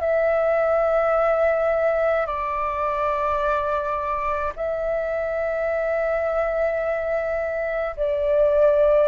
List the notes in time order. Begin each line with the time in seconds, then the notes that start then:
0.00 E5
2.26 D5
4.55 E5
7.96 D5